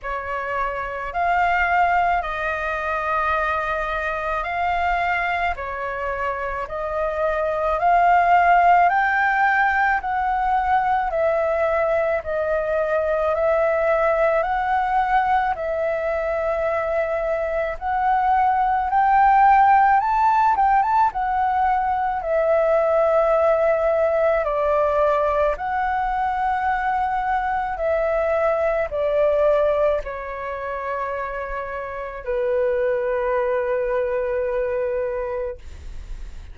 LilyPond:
\new Staff \with { instrumentName = "flute" } { \time 4/4 \tempo 4 = 54 cis''4 f''4 dis''2 | f''4 cis''4 dis''4 f''4 | g''4 fis''4 e''4 dis''4 | e''4 fis''4 e''2 |
fis''4 g''4 a''8 g''16 a''16 fis''4 | e''2 d''4 fis''4~ | fis''4 e''4 d''4 cis''4~ | cis''4 b'2. | }